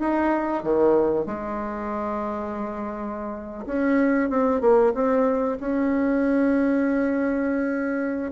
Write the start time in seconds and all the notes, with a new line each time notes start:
0.00 D#4
0.64 D#3
1.26 G#3
3.66 C#4
4.30 C4
4.61 A#3
4.95 C4
5.61 C#4